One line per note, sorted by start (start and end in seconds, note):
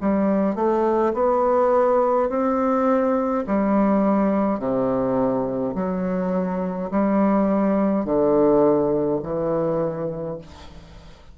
0.00 0.55 G3
0.55 1.13 A3
1.13 2.29 B3
2.29 3.44 C4
3.47 4.59 G3
4.59 5.74 C3
5.74 6.90 F#3
6.90 8.05 G3
8.05 9.20 D3
9.23 10.38 E3